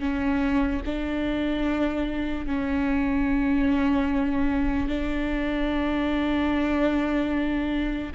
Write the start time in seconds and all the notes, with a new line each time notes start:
0.00 C#4
0.86 D4
2.46 C#4
4.88 D4